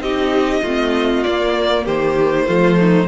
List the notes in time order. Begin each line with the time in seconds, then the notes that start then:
0.00 C4 D#4 G4 D#5
0.62 A3 C4 F4
1.23 A#3 D5
1.84 D#3 G4 C5
2.47 F3 A3 F4
2.79 D#4